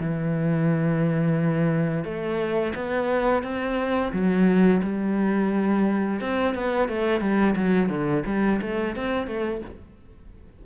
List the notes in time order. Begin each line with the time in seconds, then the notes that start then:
0.00 E3
2.04 A3
2.75 B3
3.43 C4
4.13 F#3
4.82 G3
6.21 C4
6.55 B3
6.88 A3
7.21 G3
7.56 F#3
7.89 D3
8.26 G3
8.61 A3
8.96 C4
9.27 A3